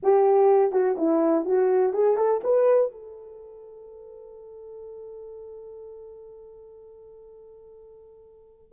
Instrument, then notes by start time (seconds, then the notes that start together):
horn
0.02 G4
0.71 F#4
0.97 E4
1.45 F#4
1.93 G#4
2.16 A4
2.43 B4
2.91 A4